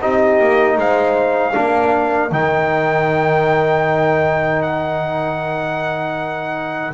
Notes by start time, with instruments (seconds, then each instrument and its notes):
0.00 double bass C4, trombone D#4, horn G4, trumpet D#5
0.40 double bass A#3
0.77 double bass G#3, horn C5, trumpet F5
1.53 double bass A#3, trombone D4, horn A#4
2.31 double bass D#3, trombone D#4, trumpet G5
4.62 trumpet F#5